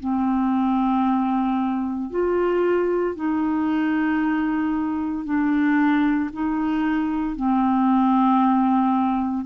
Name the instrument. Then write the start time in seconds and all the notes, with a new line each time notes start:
clarinet
0.00 C4
2.11 F4
3.16 D#4
5.25 D4
6.33 D#4
7.36 C4